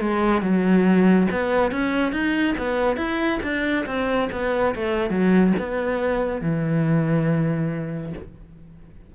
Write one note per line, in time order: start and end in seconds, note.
0.00 0.42 G#3
0.42 1.27 F#3
1.32 1.71 B3
1.71 2.12 C#4
2.12 2.55 D#4
2.58 2.96 B3
2.96 3.39 E4
3.42 3.85 D4
3.86 4.29 C4
4.32 4.75 B3
4.75 5.10 A3
5.10 5.53 F#3
5.59 6.41 B3
6.41 8.13 E3